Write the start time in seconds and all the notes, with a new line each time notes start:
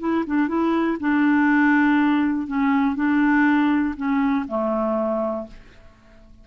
0.00 E4
0.27 D4
0.48 E4
1.01 D4
2.47 C#4
2.96 D4
3.96 C#4
4.48 A3